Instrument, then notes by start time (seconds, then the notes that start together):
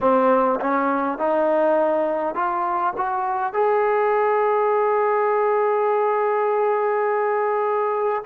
trombone
0.01 C4
0.60 C#4
1.18 D#4
2.34 F4
2.96 F#4
3.53 G#4